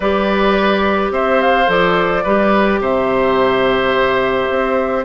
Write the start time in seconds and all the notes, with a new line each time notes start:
0.00 G3 G4 B4 D5
1.10 C4 C5 E5
1.41 F5
1.66 F3 A4 D5
2.23 G3 G4 B4
2.80 C3 C5 E5
4.49 C4